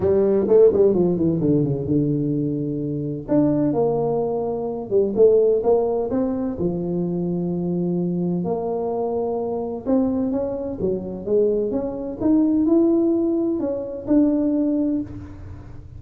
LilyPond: \new Staff \with { instrumentName = "tuba" } { \time 4/4 \tempo 4 = 128 g4 a8 g8 f8 e8 d8 cis8 | d2. d'4 | ais2~ ais8 g8 a4 | ais4 c'4 f2~ |
f2 ais2~ | ais4 c'4 cis'4 fis4 | gis4 cis'4 dis'4 e'4~ | e'4 cis'4 d'2 | }